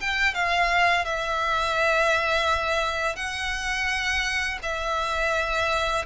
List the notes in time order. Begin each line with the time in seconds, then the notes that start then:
0.00 G5
0.34 F5
1.05 E5
3.15 F#5
4.62 E5